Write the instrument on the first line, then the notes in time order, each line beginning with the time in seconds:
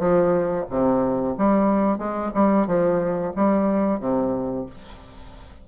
bassoon
0.00 F3
0.70 C3
1.38 G3
1.99 G#3
2.35 G3
2.68 F3
3.36 G3
4.00 C3